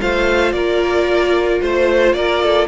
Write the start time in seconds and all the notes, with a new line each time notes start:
0.00 A3 F4 C5 F5
0.52 A#3 A#4 D5
1.61 A3 C5
2.13 A#3 A#4 D5
2.43 A4